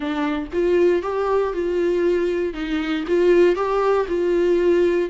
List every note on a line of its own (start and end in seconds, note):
0.00 0.47 D4
0.52 1.02 F4
1.02 1.53 G4
1.53 2.53 F4
2.53 3.04 D#4
3.07 3.55 F4
3.55 4.06 G4
4.08 5.09 F4